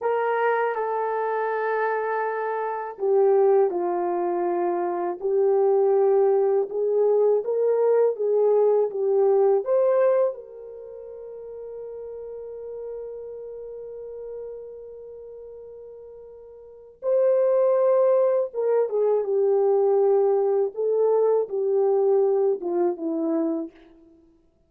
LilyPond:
\new Staff \with { instrumentName = "horn" } { \time 4/4 \tempo 4 = 81 ais'4 a'2. | g'4 f'2 g'4~ | g'4 gis'4 ais'4 gis'4 | g'4 c''4 ais'2~ |
ais'1~ | ais'2. c''4~ | c''4 ais'8 gis'8 g'2 | a'4 g'4. f'8 e'4 | }